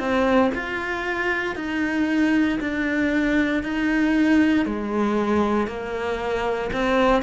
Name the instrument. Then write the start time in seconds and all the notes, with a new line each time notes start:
cello
0.00 C4
0.55 F4
1.56 D#4
2.61 D4
3.63 D#4
4.66 G#3
5.67 A#3
6.73 C4